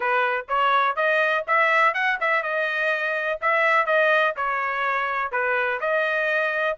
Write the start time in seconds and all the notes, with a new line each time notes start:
0.00 B4
0.48 C#5
0.96 D#5
1.47 E5
1.94 F#5
2.20 E5
2.43 D#5
3.41 E5
3.86 D#5
4.36 C#5
5.31 B4
5.80 D#5